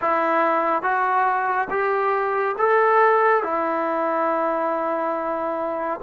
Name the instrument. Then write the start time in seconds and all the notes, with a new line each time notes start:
trombone
0.01 E4
0.82 F#4
1.69 G4
2.58 A4
3.43 E4